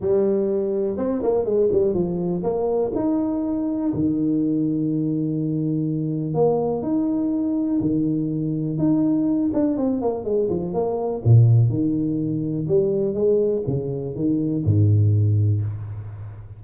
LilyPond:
\new Staff \with { instrumentName = "tuba" } { \time 4/4 \tempo 4 = 123 g2 c'8 ais8 gis8 g8 | f4 ais4 dis'2 | dis1~ | dis4 ais4 dis'2 |
dis2 dis'4. d'8 | c'8 ais8 gis8 f8 ais4 ais,4 | dis2 g4 gis4 | cis4 dis4 gis,2 | }